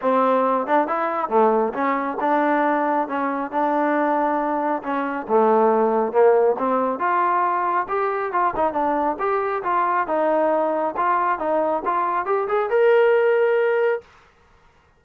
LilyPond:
\new Staff \with { instrumentName = "trombone" } { \time 4/4 \tempo 4 = 137 c'4. d'8 e'4 a4 | cis'4 d'2 cis'4 | d'2. cis'4 | a2 ais4 c'4 |
f'2 g'4 f'8 dis'8 | d'4 g'4 f'4 dis'4~ | dis'4 f'4 dis'4 f'4 | g'8 gis'8 ais'2. | }